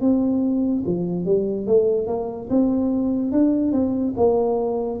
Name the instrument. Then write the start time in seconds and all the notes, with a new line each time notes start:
tuba
0.00 C4
0.85 F3
1.25 G3
1.66 A3
2.07 A#3
2.50 C4
3.31 D4
3.72 C4
4.16 A#3